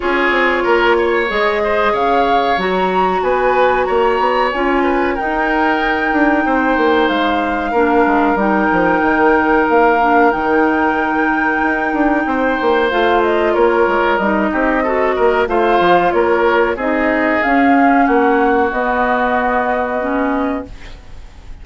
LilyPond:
<<
  \new Staff \with { instrumentName = "flute" } { \time 4/4 \tempo 4 = 93 cis''2 dis''4 f''4 | ais''4 gis''4 ais''4 gis''4 | g''2. f''4~ | f''4 g''2 f''4 |
g''1 | f''8 dis''8 cis''4 dis''2 | f''4 cis''4 dis''4 f''4 | fis''4 dis''2. | }
  \new Staff \with { instrumentName = "oboe" } { \time 4/4 gis'4 ais'8 cis''4 c''8 cis''4~ | cis''4 b'4 cis''4. b'8 | ais'2 c''2 | ais'1~ |
ais'2. c''4~ | c''4 ais'4. g'8 a'8 ais'8 | c''4 ais'4 gis'2 | fis'1 | }
  \new Staff \with { instrumentName = "clarinet" } { \time 4/4 f'2 gis'2 | fis'2. f'4 | dis'1 | d'4 dis'2~ dis'8 d'8 |
dis'1 | f'2 dis'4 fis'4 | f'2 dis'4 cis'4~ | cis'4 b2 cis'4 | }
  \new Staff \with { instrumentName = "bassoon" } { \time 4/4 cis'8 c'8 ais4 gis4 cis4 | fis4 b4 ais8 b8 cis'4 | dis'4. d'8 c'8 ais8 gis4 | ais8 gis8 g8 f8 dis4 ais4 |
dis2 dis'8 d'8 c'8 ais8 | a4 ais8 gis8 g8 c'4 ais8 | a8 f8 ais4 c'4 cis'4 | ais4 b2. | }
>>